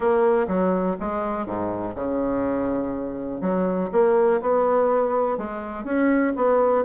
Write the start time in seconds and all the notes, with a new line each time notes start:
0.00 A#3
0.47 F#3
1.00 G#3
1.46 G#2
1.95 C#3
3.41 F#3
3.92 A#3
4.41 B3
5.37 G#3
5.84 C#4
6.35 B3